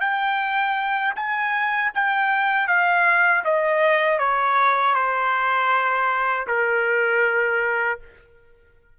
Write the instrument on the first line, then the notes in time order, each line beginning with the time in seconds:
trumpet
0.00 G5
1.15 G#5
1.94 G5
2.67 F5
3.44 D#5
4.19 C#5
4.95 C5
6.47 A#4